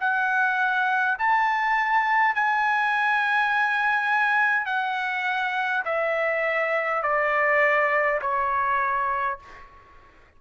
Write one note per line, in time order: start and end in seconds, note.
0.00 1.18 F#5
1.19 2.35 A5
2.35 4.66 G#5
4.66 5.83 F#5
5.85 7.03 E5
7.03 8.20 D5
8.21 9.39 C#5